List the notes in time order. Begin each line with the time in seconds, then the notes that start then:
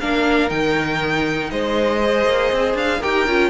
0.00 A#3 D4 A#4 F5
0.49 D#3 D#4 G5
1.50 G#3 C5 D#5
2.04 G#4
2.26 A#3
2.52 C4
2.74 D4 F5
3.00 D#4 G4 A#4 G5
3.27 C#4 F4